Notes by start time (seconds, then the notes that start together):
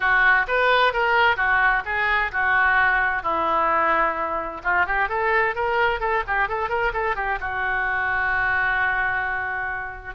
0.00 F#4
0.47 B4
0.93 A#4
1.36 F#4
1.85 G#4
2.32 F#4
3.23 E4
4.63 F4
4.86 G4
5.09 A4
5.55 A#4
6.00 A4
6.27 G4
6.48 A4
6.69 A#4
6.93 A4
7.15 G4
7.40 F#4